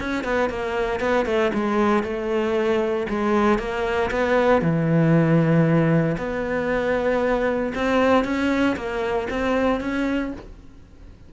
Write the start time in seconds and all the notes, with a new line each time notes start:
0.00 C#4
0.24 B3
0.50 A#3
1.00 B3
1.26 A3
1.54 G#3
2.03 A3
3.09 G#3
3.59 A#3
4.11 B3
4.62 E3
6.18 B3
7.75 C4
8.25 C#4
8.76 A#3
9.30 C4
9.81 C#4